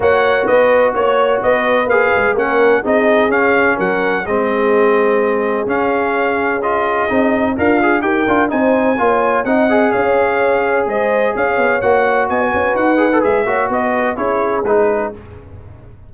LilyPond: <<
  \new Staff \with { instrumentName = "trumpet" } { \time 4/4 \tempo 4 = 127 fis''4 dis''4 cis''4 dis''4 | f''4 fis''4 dis''4 f''4 | fis''4 dis''2. | f''2 dis''2 |
f''4 g''4 gis''2 | fis''4 f''2 dis''4 | f''4 fis''4 gis''4 fis''4 | e''4 dis''4 cis''4 b'4 | }
  \new Staff \with { instrumentName = "horn" } { \time 4/4 cis''4 b'4 cis''4 b'4~ | b'4 ais'4 gis'2 | ais'4 gis'2.~ | gis'1 |
f'4 ais'4 c''4 cis''4 | dis''4 cis''2 c''4 | cis''2 dis''16 b'4.~ b'16~ | b'8 cis''8 b'4 gis'2 | }
  \new Staff \with { instrumentName = "trombone" } { \time 4/4 fis'1 | gis'4 cis'4 dis'4 cis'4~ | cis'4 c'2. | cis'2 f'4 dis'4 |
ais'8 gis'8 g'8 f'8 dis'4 f'4 | dis'8 gis'2.~ gis'8~ | gis'4 fis'2~ fis'8 gis'16 a'16 | gis'8 fis'4. e'4 dis'4 | }
  \new Staff \with { instrumentName = "tuba" } { \time 4/4 ais4 b4 ais4 b4 | ais8 gis8 ais4 c'4 cis'4 | fis4 gis2. | cis'2. c'4 |
d'4 dis'8 d'8 c'4 ais4 | c'4 cis'2 gis4 | cis'8 b8 ais4 b8 cis'8 dis'4 | gis8 ais8 b4 cis'4 gis4 | }
>>